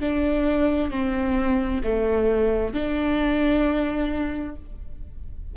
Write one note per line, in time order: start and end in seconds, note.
0.00 0.90 D4
0.90 1.81 C4
1.83 2.74 A3
2.74 4.55 D4